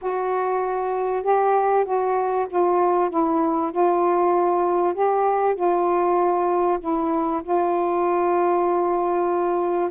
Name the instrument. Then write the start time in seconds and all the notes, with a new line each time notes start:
saxophone
0.01 F#4
1.23 G4
1.84 F#4
2.49 F4
3.10 E4
3.71 F4
4.94 G4
5.55 F4
6.80 E4
7.43 F4